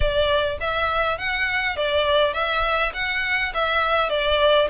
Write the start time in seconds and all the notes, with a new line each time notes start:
0.00 D5
0.60 E5
1.18 F#5
1.76 D5
2.33 E5
2.93 F#5
3.54 E5
4.09 D5